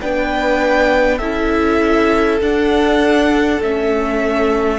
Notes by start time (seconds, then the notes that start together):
0.00 B3 D4 B4 G5
1.18 C#4 E4 A4 E5
2.41 D4 F#5
3.61 A3 C#4 E5